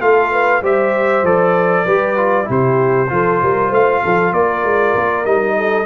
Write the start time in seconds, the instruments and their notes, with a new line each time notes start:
0.00 tuba A3, trombone F4, horn A4, trumpet F5
0.32 horn B4
0.62 tuba G3, trombone G4, horn C5, trumpet E5
1.23 tuba F3, trombone A4, trumpet D5
1.85 tuba G3, trombone G4, horn B4
2.17 trombone F4
2.44 tuba C3, trombone E4, horn G4
2.51 trumpet C5
3.09 tuba F3, trombone F4, horn A4
3.42 tuba G3, horn A#4
3.70 tuba A3, horn C5, trumpet F5
4.03 tuba F3, horn A4
4.32 tuba A#3, horn A#4, trumpet D5
4.64 tuba G#3
4.95 tuba A#3
5.25 tuba G3, trombone D#4, trumpet D#5
5.57 horn A4